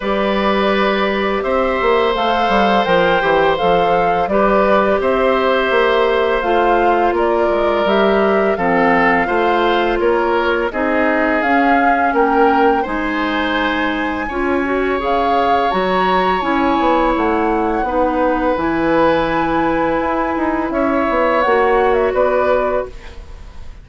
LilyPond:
<<
  \new Staff \with { instrumentName = "flute" } { \time 4/4 \tempo 4 = 84 d''2 e''4 f''4 | g''4 f''4 d''4 e''4~ | e''4 f''4 d''4 e''4 | f''2 cis''4 dis''4 |
f''4 g''4 gis''2~ | gis''4 f''4 ais''4 gis''4 | fis''2 gis''2~ | gis''4 e''4 fis''8. e''16 d''4 | }
  \new Staff \with { instrumentName = "oboe" } { \time 4/4 b'2 c''2~ | c''2 b'4 c''4~ | c''2 ais'2 | a'4 c''4 ais'4 gis'4~ |
gis'4 ais'4 c''2 | cis''1~ | cis''4 b'2.~ | b'4 cis''2 b'4 | }
  \new Staff \with { instrumentName = "clarinet" } { \time 4/4 g'2. a'4 | ais'8 g'8 a'4 g'2~ | g'4 f'2 g'4 | c'4 f'2 dis'4 |
cis'2 dis'2 | f'8 fis'8 gis'4 fis'4 e'4~ | e'4 dis'4 e'2~ | e'2 fis'2 | }
  \new Staff \with { instrumentName = "bassoon" } { \time 4/4 g2 c'8 ais8 a8 g8 | f8 e8 f4 g4 c'4 | ais4 a4 ais8 gis8 g4 | f4 a4 ais4 c'4 |
cis'4 ais4 gis2 | cis'4 cis4 fis4 cis'8 b8 | a4 b4 e2 | e'8 dis'8 cis'8 b8 ais4 b4 | }
>>